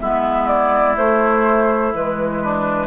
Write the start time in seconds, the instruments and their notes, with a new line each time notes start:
0.00 bassoon G#3, clarinet B3, oboe E4, flute E5
0.47 flute D5
0.96 clarinet A3, bassoon A3, flute C5
1.94 bassoon E3, clarinet G#3, flute B4
2.43 oboe D4